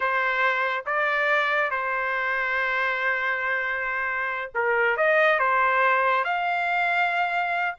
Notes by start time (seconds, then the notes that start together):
0.00 C5
0.86 D5
1.71 C5
4.54 A#4
4.96 D#5
5.39 C5
6.24 F5